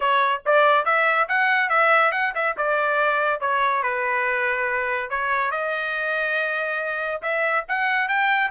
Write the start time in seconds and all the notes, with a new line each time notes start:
0.00 C#5
0.45 D5
0.85 E5
1.28 F#5
1.69 E5
2.11 F#5
2.34 E5
2.57 D5
3.40 C#5
3.82 B4
5.09 C#5
5.51 D#5
7.21 E5
7.68 F#5
8.08 G5